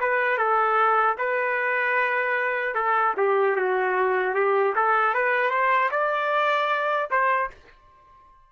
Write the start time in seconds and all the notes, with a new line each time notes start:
0.00 B4
0.38 A4
1.18 B4
2.75 A4
3.17 G4
3.56 F#4
4.35 G4
4.75 A4
5.14 B4
5.50 C5
5.91 D5
7.11 C5